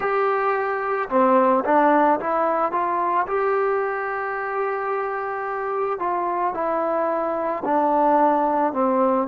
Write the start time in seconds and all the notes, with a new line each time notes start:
0.00 G4
1.09 C4
1.65 D4
2.20 E4
2.72 F4
3.27 G4
5.99 F4
6.54 E4
7.64 D4
8.73 C4